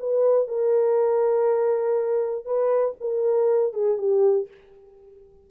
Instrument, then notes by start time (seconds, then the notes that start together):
horn
0.00 B4
0.48 A#4
2.45 B4
3.01 A#4
3.73 G#4
3.98 G4